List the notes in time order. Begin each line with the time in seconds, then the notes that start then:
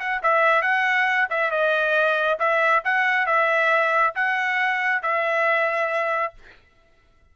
0.00 F#5
0.23 E5
0.63 F#5
1.30 E5
1.51 D#5
2.39 E5
2.85 F#5
3.27 E5
4.16 F#5
5.03 E5